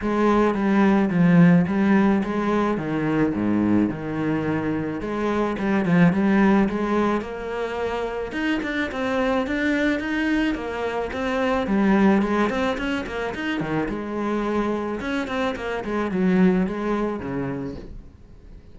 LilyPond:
\new Staff \with { instrumentName = "cello" } { \time 4/4 \tempo 4 = 108 gis4 g4 f4 g4 | gis4 dis4 gis,4 dis4~ | dis4 gis4 g8 f8 g4 | gis4 ais2 dis'8 d'8 |
c'4 d'4 dis'4 ais4 | c'4 g4 gis8 c'8 cis'8 ais8 | dis'8 dis8 gis2 cis'8 c'8 | ais8 gis8 fis4 gis4 cis4 | }